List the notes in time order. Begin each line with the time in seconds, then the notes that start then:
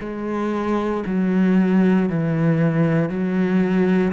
0.00 G#3
1.06 F#3
2.09 E3
3.09 F#3